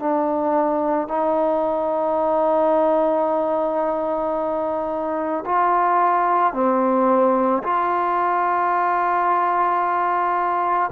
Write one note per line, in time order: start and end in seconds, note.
0.00 1.09 D4
1.09 5.45 D#4
5.46 6.54 F4
6.54 7.63 C4
7.64 10.91 F4